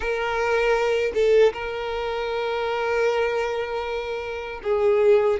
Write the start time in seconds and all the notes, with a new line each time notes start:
0.00 A#4
1.14 A4
1.53 A#4
4.63 G#4